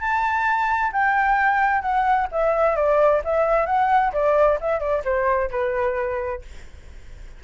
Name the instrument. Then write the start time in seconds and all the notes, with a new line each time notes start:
flute
0.00 A5
0.92 G5
1.82 F#5
2.32 E5
2.76 D5
3.25 E5
3.66 F#5
4.13 D5
4.61 E5
4.79 D5
5.04 C5
5.50 B4